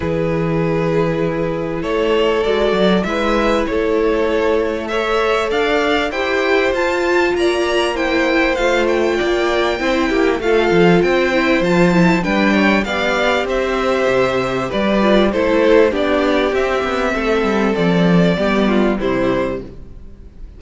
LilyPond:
<<
  \new Staff \with { instrumentName = "violin" } { \time 4/4 \tempo 4 = 98 b'2. cis''4 | d''4 e''4 cis''2 | e''4 f''4 g''4 a''4 | ais''4 g''4 f''8 g''4.~ |
g''4 f''4 g''4 a''4 | g''4 f''4 e''2 | d''4 c''4 d''4 e''4~ | e''4 d''2 c''4 | }
  \new Staff \with { instrumentName = "violin" } { \time 4/4 gis'2. a'4~ | a'4 b'4 a'2 | cis''4 d''4 c''2 | d''4 c''2 d''4 |
c''8 g'8 a'4 c''2 | b'8 cis''8 d''4 c''2 | b'4 a'4 g'2 | a'2 g'8 f'8 e'4 | }
  \new Staff \with { instrumentName = "viola" } { \time 4/4 e'1 | fis'4 e'2. | a'2 g'4 f'4~ | f'4 e'4 f'2 |
e'4 f'4. e'8 f'8 e'8 | d'4 g'2.~ | g'8 f'8 e'4 d'4 c'4~ | c'2 b4 g4 | }
  \new Staff \with { instrumentName = "cello" } { \time 4/4 e2. a4 | gis8 fis8 gis4 a2~ | a4 d'4 e'4 f'4 | ais2 a4 ais4 |
c'8 ais8 a8 f8 c'4 f4 | g4 b4 c'4 c4 | g4 a4 b4 c'8 b8 | a8 g8 f4 g4 c4 | }
>>